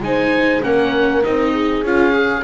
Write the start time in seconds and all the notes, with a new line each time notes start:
0.00 G#3 D#4 C5 G#5
0.62 A#3 C#4 A#4 F#5
1.23 C4 D#4 D#5
1.53 G#4
1.84 C#4 F4 F5
2.13 G#4